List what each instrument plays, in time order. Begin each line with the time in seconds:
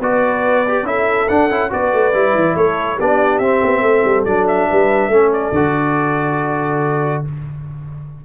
0.00 tuba B3, trombone F#4, horn B4, trumpet D5
0.68 trombone G4
0.84 tuba C#4, trombone E4, horn A4, trumpet E5
1.29 trombone D4, tuba D4, trumpet F#5
1.51 tuba C#4, trombone E4
1.71 tuba B3, trombone F#4, horn B4, trumpet D5
1.94 tuba A3
2.14 tuba G3, trombone E4
2.35 tuba E3
2.56 tuba A3, horn A4, trumpet C#5
2.97 tuba B3, trombone D4, horn G4, trumpet D5
3.39 tuba C4, trombone C4, trumpet E5
3.64 tuba B3
3.82 tuba A3, horn A4
4.05 tuba G3
4.26 tuba F#3, trombone D4, trumpet D5
4.48 trumpet E5
4.70 tuba G3, horn B4
5.09 tuba A3, trombone C#4, horn A4
5.34 trumpet D5
5.52 tuba D3, trombone F#4